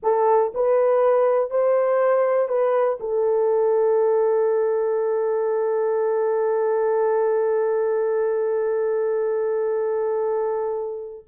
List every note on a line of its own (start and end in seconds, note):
0.02 0.52 A4
0.54 1.50 B4
1.50 2.48 C5
2.48 2.98 B4
3.00 11.25 A4